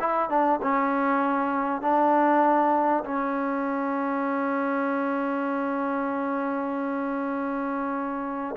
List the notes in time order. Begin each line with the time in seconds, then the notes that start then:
0.00 E4
0.29 D4
0.63 C#4
1.82 D4
3.05 C#4